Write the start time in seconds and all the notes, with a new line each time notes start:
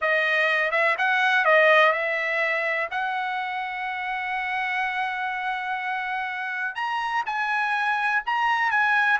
0.01 D#5
0.71 E5
0.98 F#5
1.44 D#5
1.92 E5
2.90 F#5
6.75 A#5
7.26 G#5
8.26 A#5
8.71 G#5